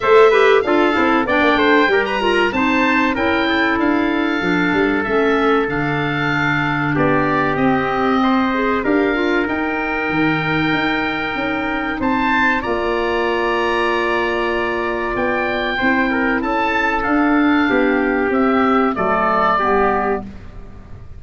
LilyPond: <<
  \new Staff \with { instrumentName = "oboe" } { \time 4/4 \tempo 4 = 95 e''4 f''4 g''4~ g''16 ais''8. | a''4 g''4 f''2 | e''4 f''2 d''4 | dis''2 f''4 g''4~ |
g''2. a''4 | ais''1 | g''2 a''4 f''4~ | f''4 e''4 d''2 | }
  \new Staff \with { instrumentName = "trumpet" } { \time 4/4 c''8 b'8 a'4 d''8 c''8 ais'16 b'16 ais'8 | c''4 ais'8 a'2~ a'8~ | a'2. g'4~ | g'4 c''4 ais'2~ |
ais'2. c''4 | d''1~ | d''4 c''8 ais'8 a'2 | g'2 a'4 g'4 | }
  \new Staff \with { instrumentName = "clarinet" } { \time 4/4 a'8 g'8 f'8 e'8 d'4 g'8 f'8 | dis'4 e'2 d'4 | cis'4 d'2. | c'4. gis'8 g'8 f'8 dis'4~ |
dis'1 | f'1~ | f'4 e'2 d'4~ | d'4 c'4 a4 b4 | }
  \new Staff \with { instrumentName = "tuba" } { \time 4/4 a4 d'8 c'8 b16 ais16 a8 g4 | c'4 cis'4 d'4 f8 g8 | a4 d2 b4 | c'2 d'4 dis'4 |
dis4 dis'4 cis'4 c'4 | ais1 | b4 c'4 cis'4 d'4 | b4 c'4 fis4 g4 | }
>>